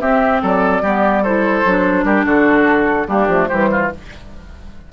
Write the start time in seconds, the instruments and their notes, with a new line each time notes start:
0.00 bassoon C4, clarinet C4, oboe G4, flute E5
0.42 bassoon F#3, oboe A4, flute D5
0.82 bassoon G3, clarinet B3, oboe G4
1.23 clarinet E4, oboe A4, flute C5
1.65 bassoon F#3, clarinet D4
2.04 bassoon G3, oboe G4, flute A#4
2.25 bassoon D3, oboe F#4, flute A4
3.07 bassoon G3, clarinet A#3, oboe D4, flute G4
3.28 bassoon F3, clarinet A3
3.47 bassoon E3, clarinet G3, oboe G4, flute C5
3.72 oboe F4